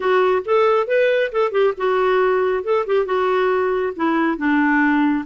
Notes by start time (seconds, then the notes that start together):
0.00 F#4
0.45 A4
0.87 B4
1.32 A4
1.51 G4
1.77 F#4
2.63 A4
2.86 G4
3.05 F#4
3.95 E4
4.37 D4